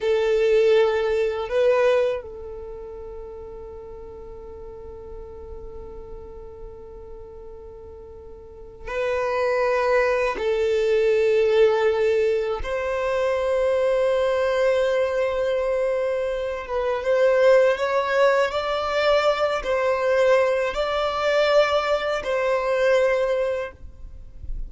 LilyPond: \new Staff \with { instrumentName = "violin" } { \time 4/4 \tempo 4 = 81 a'2 b'4 a'4~ | a'1~ | a'1 | b'2 a'2~ |
a'4 c''2.~ | c''2~ c''8 b'8 c''4 | cis''4 d''4. c''4. | d''2 c''2 | }